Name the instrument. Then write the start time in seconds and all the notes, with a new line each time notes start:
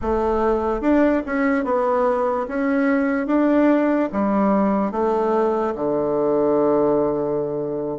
bassoon
0.01 A3
0.81 D4
1.26 C#4
1.64 B3
2.47 C#4
3.27 D4
4.12 G3
4.91 A3
5.75 D3